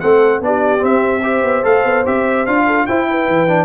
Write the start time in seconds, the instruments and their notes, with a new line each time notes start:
0.00 tuba A3, trombone C4, horn A4, trumpet F#5
0.41 tuba B3, trombone D4, horn G4, trumpet D5
0.79 trombone C4, tuba C4
0.85 trumpet E5
1.23 trombone G4, horn C5
1.43 tuba B3
1.63 tuba A3, trombone A4, trumpet F5
1.84 tuba B3
2.06 tuba C4, trombone G4, trumpet E5
2.46 tuba D4, trombone F4, trumpet F5
2.66 horn A4
2.86 trombone E4, tuba E4, horn C5, trumpet G5
3.11 horn B4
3.28 tuba E3
3.48 trombone D4